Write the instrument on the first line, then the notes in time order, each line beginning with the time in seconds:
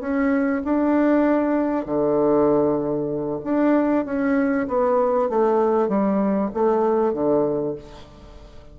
bassoon
0.00 C#4
0.64 D4
1.85 D3
3.44 D4
4.05 C#4
4.67 B3
5.29 A3
5.88 G3
6.54 A3
7.13 D3